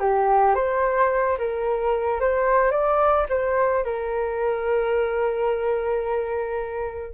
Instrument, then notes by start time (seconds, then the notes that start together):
flute
0.00 G4
0.55 C5
1.38 A#4
2.21 C5
2.71 D5
3.30 C5
3.84 A#4